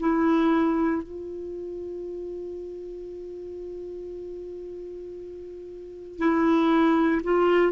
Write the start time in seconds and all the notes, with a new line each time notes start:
0.00 E4
1.03 F4
6.18 E4
7.24 F4